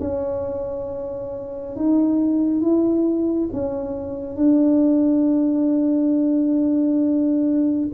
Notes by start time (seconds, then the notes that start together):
0.00 C#4
1.76 D#4
2.61 E4
3.53 C#4
4.36 D4